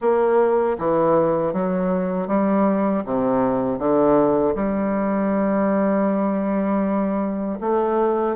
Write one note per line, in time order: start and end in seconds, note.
0.01 0.77 A#3
0.78 1.53 E3
1.53 2.27 F#3
2.27 3.03 G3
3.05 3.78 C3
3.78 4.54 D3
4.55 7.59 G3
7.60 8.36 A3